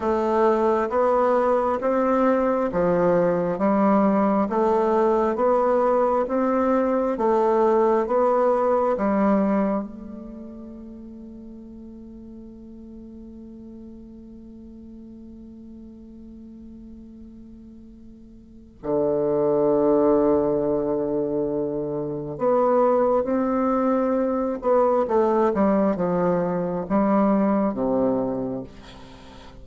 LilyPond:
\new Staff \with { instrumentName = "bassoon" } { \time 4/4 \tempo 4 = 67 a4 b4 c'4 f4 | g4 a4 b4 c'4 | a4 b4 g4 a4~ | a1~ |
a1~ | a4 d2.~ | d4 b4 c'4. b8 | a8 g8 f4 g4 c4 | }